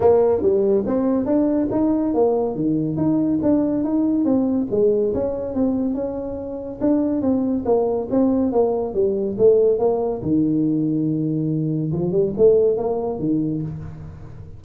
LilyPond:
\new Staff \with { instrumentName = "tuba" } { \time 4/4 \tempo 4 = 141 ais4 g4 c'4 d'4 | dis'4 ais4 dis4 dis'4 | d'4 dis'4 c'4 gis4 | cis'4 c'4 cis'2 |
d'4 c'4 ais4 c'4 | ais4 g4 a4 ais4 | dis1 | f8 g8 a4 ais4 dis4 | }